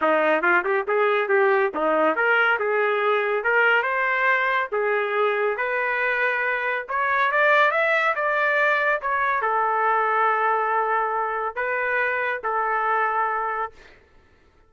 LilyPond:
\new Staff \with { instrumentName = "trumpet" } { \time 4/4 \tempo 4 = 140 dis'4 f'8 g'8 gis'4 g'4 | dis'4 ais'4 gis'2 | ais'4 c''2 gis'4~ | gis'4 b'2. |
cis''4 d''4 e''4 d''4~ | d''4 cis''4 a'2~ | a'2. b'4~ | b'4 a'2. | }